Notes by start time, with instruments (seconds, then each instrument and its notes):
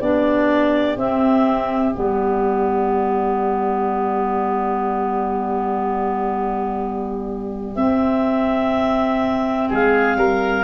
0.00 tuba B3, clarinet D4 D5, oboe G4
0.97 tuba C4, clarinet C4 E5
1.94 tuba G3, clarinet B3 D5
7.76 tuba C4, clarinet C4 E5
9.69 tuba G#3, oboe G#4, clarinet F5
10.16 tuba G3, oboe A#4